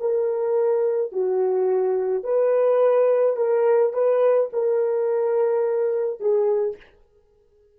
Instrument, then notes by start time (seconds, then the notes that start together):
horn
0.00 A#4
1.12 F#4
2.24 B4
3.37 A#4
3.94 B4
4.53 A#4
6.20 G#4